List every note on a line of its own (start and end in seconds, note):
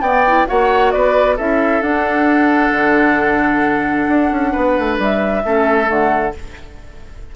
0.00 0.45 B3
0.00 0.24 B3
0.00 0.48 D5
0.00 0.46 G5
0.27 0.47 E4
0.47 0.94 A#3
0.47 1.37 F#4
0.47 0.93 C#5
0.47 0.91 F#5
0.91 1.39 B3
0.91 1.36 B4
0.91 1.36 D5
1.36 1.81 C#4
1.36 1.82 E4
1.36 4.51 A4
1.36 1.82 E5
1.81 2.71 D4
1.81 5.43 D4
1.81 4.97 F#5
2.71 4.06 D3
4.08 4.30 D4
4.30 4.53 C#4
4.52 4.78 B3
4.52 5.42 B4
4.78 4.98 A3
4.98 5.43 G3
4.98 5.89 E5
5.44 5.89 A3
5.44 5.86 C#4
5.44 6.35 A4
5.86 6.34 D3
5.86 6.31 A3
5.86 6.34 F#5